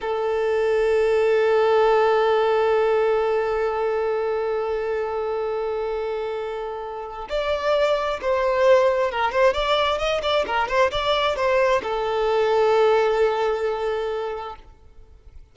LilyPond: \new Staff \with { instrumentName = "violin" } { \time 4/4 \tempo 4 = 132 a'1~ | a'1~ | a'1~ | a'1 |
d''2 c''2 | ais'8 c''8 d''4 dis''8 d''8 ais'8 c''8 | d''4 c''4 a'2~ | a'1 | }